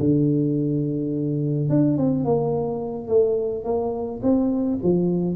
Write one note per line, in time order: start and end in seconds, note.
0.00 1.70 D3
1.70 1.98 D4
1.98 2.25 C4
2.25 3.08 A#3
3.08 3.65 A3
3.65 4.21 A#3
4.23 4.80 C4
4.83 5.36 F3